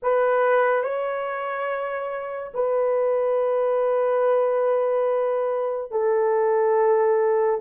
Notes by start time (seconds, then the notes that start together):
0.02 B4
0.83 C#5
2.54 B4
5.91 A4